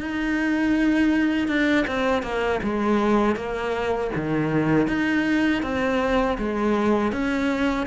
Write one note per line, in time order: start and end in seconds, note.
0.00 1.47 D#4
1.47 1.85 D4
1.87 2.22 C4
2.22 2.60 A#3
2.62 3.35 G#3
3.35 4.10 A#3
4.15 4.87 D#3
4.87 5.62 D#4
5.62 6.37 C4
6.38 7.12 G#3
7.12 7.86 C#4